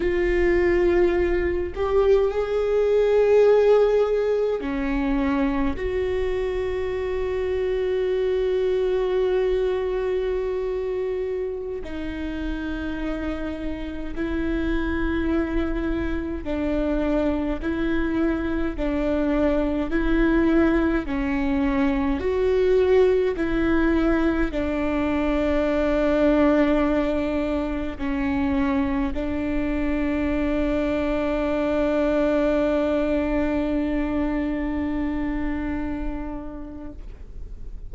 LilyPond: \new Staff \with { instrumentName = "viola" } { \time 4/4 \tempo 4 = 52 f'4. g'8 gis'2 | cis'4 fis'2.~ | fis'2~ fis'16 dis'4.~ dis'16~ | dis'16 e'2 d'4 e'8.~ |
e'16 d'4 e'4 cis'4 fis'8.~ | fis'16 e'4 d'2~ d'8.~ | d'16 cis'4 d'2~ d'8.~ | d'1 | }